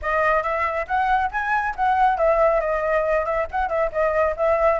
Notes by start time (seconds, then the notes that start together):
0.01 D#5
0.42 E5
0.87 F#5
1.31 G#5
1.76 F#5
2.17 E5
2.60 D#5
3.25 E5
3.51 F#5
3.68 E5
3.92 D#5
4.37 E5